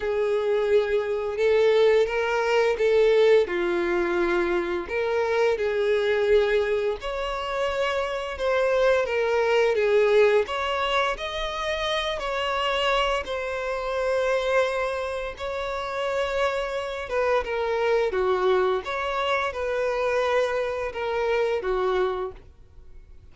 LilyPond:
\new Staff \with { instrumentName = "violin" } { \time 4/4 \tempo 4 = 86 gis'2 a'4 ais'4 | a'4 f'2 ais'4 | gis'2 cis''2 | c''4 ais'4 gis'4 cis''4 |
dis''4. cis''4. c''4~ | c''2 cis''2~ | cis''8 b'8 ais'4 fis'4 cis''4 | b'2 ais'4 fis'4 | }